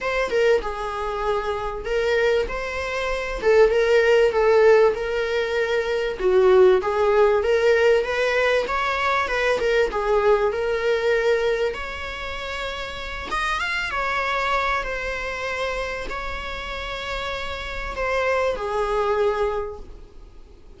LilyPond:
\new Staff \with { instrumentName = "viola" } { \time 4/4 \tempo 4 = 97 c''8 ais'8 gis'2 ais'4 | c''4. a'8 ais'4 a'4 | ais'2 fis'4 gis'4 | ais'4 b'4 cis''4 b'8 ais'8 |
gis'4 ais'2 cis''4~ | cis''4. dis''8 f''8 cis''4. | c''2 cis''2~ | cis''4 c''4 gis'2 | }